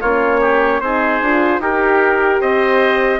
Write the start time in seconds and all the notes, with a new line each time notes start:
0.00 A#3 C#4 F4 C#5
0.41 G4
0.80 C4 D#4 G#4 C5
1.21 D4 F4
1.59 D#4 G4 A#4
2.41 C4 C5 D#5